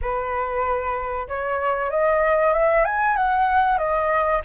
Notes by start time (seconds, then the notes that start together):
0.01 B4
1.28 C#5
1.90 D#5
2.53 E5
2.84 G#5
3.16 F#5
3.78 D#5